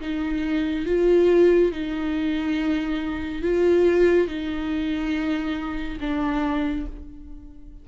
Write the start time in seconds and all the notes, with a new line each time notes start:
0.00 D#4
0.86 F4
1.71 D#4
3.42 F4
4.27 D#4
6.00 D4